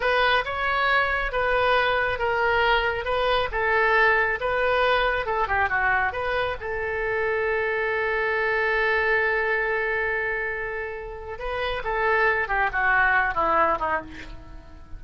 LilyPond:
\new Staff \with { instrumentName = "oboe" } { \time 4/4 \tempo 4 = 137 b'4 cis''2 b'4~ | b'4 ais'2 b'4 | a'2 b'2 | a'8 g'8 fis'4 b'4 a'4~ |
a'1~ | a'1~ | a'2 b'4 a'4~ | a'8 g'8 fis'4. e'4 dis'8 | }